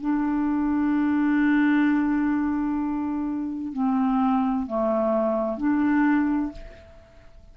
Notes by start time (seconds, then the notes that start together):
0.00 D4
3.72 C4
4.66 A3
5.57 D4